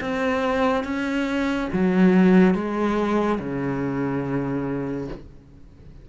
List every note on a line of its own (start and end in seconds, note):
0.00 0.83 C4
0.83 1.68 C#4
1.72 2.54 F#3
2.54 3.38 G#3
3.39 5.08 C#3